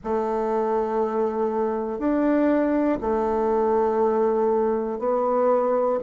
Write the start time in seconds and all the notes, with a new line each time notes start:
0.03 A3
1.99 D4
3.00 A3
4.98 B3